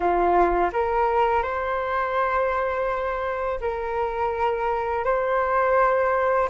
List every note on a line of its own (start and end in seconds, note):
0.00 0.69 F4
0.73 1.42 A#4
1.42 3.59 C5
3.60 5.04 A#4
5.04 6.49 C5